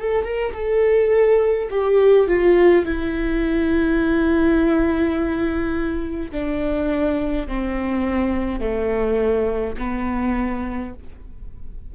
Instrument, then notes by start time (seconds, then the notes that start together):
viola
0.00 A4
0.24 A#4
0.54 A4
1.71 G4
2.28 F4
2.85 E4
6.32 D4
7.48 C4
8.60 A3
9.78 B3